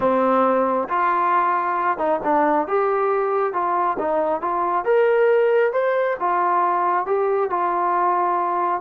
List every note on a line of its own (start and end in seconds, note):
0.00 0.88 C4
0.88 1.98 F4
1.98 2.20 D#4
2.23 2.67 D4
2.67 3.53 G4
3.53 3.97 F4
3.98 4.41 D#4
4.41 4.84 F4
4.84 5.72 A#4
5.72 6.16 C5
6.19 7.06 F4
7.06 7.50 G4
7.50 8.81 F4